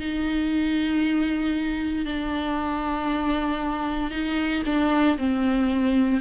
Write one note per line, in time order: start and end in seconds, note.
0.00 2.06 D#4
2.06 4.11 D4
4.11 4.63 D#4
4.66 5.18 D4
5.18 6.21 C4